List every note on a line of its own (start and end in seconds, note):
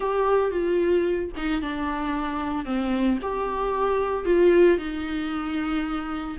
0.00 0.51 G4
0.51 1.31 F4
1.36 1.61 D#4
1.61 2.65 D4
2.65 3.18 C4
3.22 4.25 G4
4.25 4.78 F4
4.78 6.37 D#4